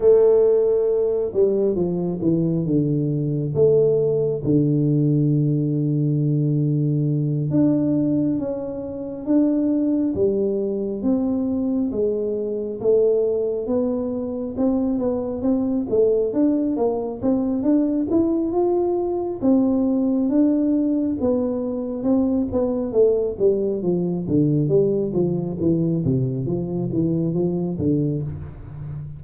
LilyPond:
\new Staff \with { instrumentName = "tuba" } { \time 4/4 \tempo 4 = 68 a4. g8 f8 e8 d4 | a4 d2.~ | d8 d'4 cis'4 d'4 g8~ | g8 c'4 gis4 a4 b8~ |
b8 c'8 b8 c'8 a8 d'8 ais8 c'8 | d'8 e'8 f'4 c'4 d'4 | b4 c'8 b8 a8 g8 f8 d8 | g8 f8 e8 c8 f8 e8 f8 d8 | }